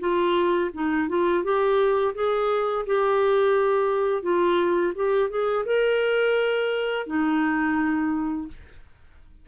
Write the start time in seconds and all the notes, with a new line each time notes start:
0.00 F4
0.74 D#4
1.09 F4
1.44 G4
2.15 G#4
2.86 G4
4.23 F4
4.95 G4
5.30 G#4
5.66 A#4
7.07 D#4